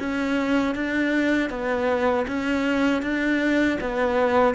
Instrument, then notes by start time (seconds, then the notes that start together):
cello
0.00 C#4
0.75 D4
1.50 B3
2.28 C#4
3.02 D4
3.81 B3